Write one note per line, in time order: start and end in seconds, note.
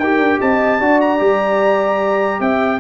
0.00 0.19 D#4
0.00 0.81 G4
0.00 0.40 A#4
0.00 0.40 G5
0.19 0.39 D4
0.41 0.81 C4
0.41 0.81 D#5
0.41 1.01 A5
0.81 1.21 D4
0.81 1.19 F#4
0.81 2.41 D5
1.01 2.41 A#5
1.19 2.40 G3
1.19 2.79 G4
2.40 2.80 C4
2.40 2.81 E5
2.40 2.81 G5